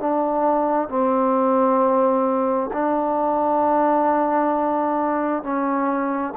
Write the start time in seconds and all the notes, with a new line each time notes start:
0.00 D4
0.89 C4
2.73 D4
5.43 C#4